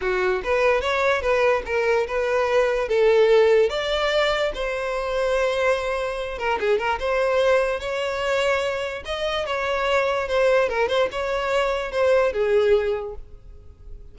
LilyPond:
\new Staff \with { instrumentName = "violin" } { \time 4/4 \tempo 4 = 146 fis'4 b'4 cis''4 b'4 | ais'4 b'2 a'4~ | a'4 d''2 c''4~ | c''2.~ c''8 ais'8 |
gis'8 ais'8 c''2 cis''4~ | cis''2 dis''4 cis''4~ | cis''4 c''4 ais'8 c''8 cis''4~ | cis''4 c''4 gis'2 | }